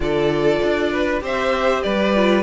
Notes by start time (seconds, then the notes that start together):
0.00 D3 F4 A4 D5
0.62 D4
0.92 B4
1.20 C4 G4 C5 E5
1.82 G3 B4 D5
2.15 F4